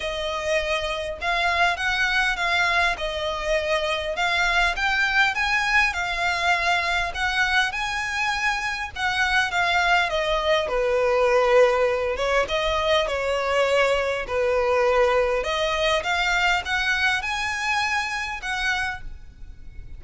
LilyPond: \new Staff \with { instrumentName = "violin" } { \time 4/4 \tempo 4 = 101 dis''2 f''4 fis''4 | f''4 dis''2 f''4 | g''4 gis''4 f''2 | fis''4 gis''2 fis''4 |
f''4 dis''4 b'2~ | b'8 cis''8 dis''4 cis''2 | b'2 dis''4 f''4 | fis''4 gis''2 fis''4 | }